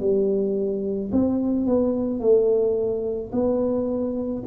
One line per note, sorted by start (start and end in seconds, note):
0.00 1.11 G3
1.12 1.66 C4
1.66 2.20 B3
2.20 3.31 A3
3.32 4.43 B3